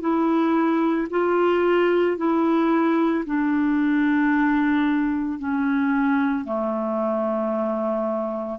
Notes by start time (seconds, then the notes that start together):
0.00 E4
1.10 F4
2.17 E4
3.26 D4
5.39 C#4
6.45 A3